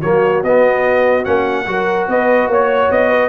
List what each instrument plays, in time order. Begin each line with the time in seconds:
0.00 tuba F#3, trombone A#3, horn F#4, trumpet C#5
0.43 tuba B3, trombone B3, trumpet D#5
1.25 tuba A#3, trombone C#4, trumpet F#5
1.67 tuba F#3, trombone F#4, horn A#4
2.08 tuba B3, horn B4, trumpet D#5
2.47 tuba A#3, horn C#5, trumpet C#5
2.91 tuba B3, trumpet D#5
3.10 horn B4